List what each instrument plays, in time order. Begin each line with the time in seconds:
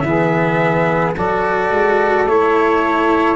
0.00 tuba E3, cello B3, saxophone G#4, trumpet E5
1.15 tuba F#3, cello F#4, saxophone A4, trumpet D5
1.71 tuba G#3
2.26 tuba A3, cello E4, trumpet C#5